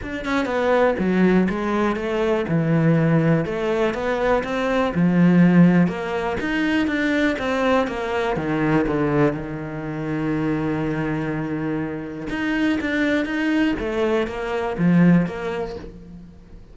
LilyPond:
\new Staff \with { instrumentName = "cello" } { \time 4/4 \tempo 4 = 122 d'8 cis'8 b4 fis4 gis4 | a4 e2 a4 | b4 c'4 f2 | ais4 dis'4 d'4 c'4 |
ais4 dis4 d4 dis4~ | dis1~ | dis4 dis'4 d'4 dis'4 | a4 ais4 f4 ais4 | }